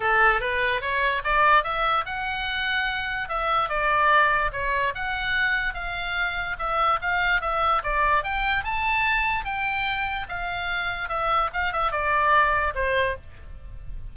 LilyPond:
\new Staff \with { instrumentName = "oboe" } { \time 4/4 \tempo 4 = 146 a'4 b'4 cis''4 d''4 | e''4 fis''2. | e''4 d''2 cis''4 | fis''2 f''2 |
e''4 f''4 e''4 d''4 | g''4 a''2 g''4~ | g''4 f''2 e''4 | f''8 e''8 d''2 c''4 | }